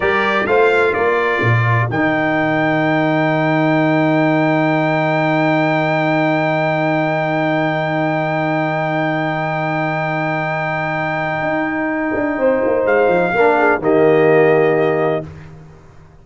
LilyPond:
<<
  \new Staff \with { instrumentName = "trumpet" } { \time 4/4 \tempo 4 = 126 d''4 f''4 d''2 | g''1~ | g''1~ | g''1~ |
g''1~ | g''1~ | g''2. f''4~ | f''4 dis''2. | }
  \new Staff \with { instrumentName = "horn" } { \time 4/4 ais'4 c''4 ais'2~ | ais'1~ | ais'1~ | ais'1~ |
ais'1~ | ais'1~ | ais'2 c''2 | ais'8 gis'8 g'2. | }
  \new Staff \with { instrumentName = "trombone" } { \time 4/4 g'4 f'2. | dis'1~ | dis'1~ | dis'1~ |
dis'1~ | dis'1~ | dis'1 | d'4 ais2. | }
  \new Staff \with { instrumentName = "tuba" } { \time 4/4 g4 a4 ais4 ais,4 | dis1~ | dis1~ | dis1~ |
dis1~ | dis1 | dis'4. d'8 c'8 ais8 gis8 f8 | ais4 dis2. | }
>>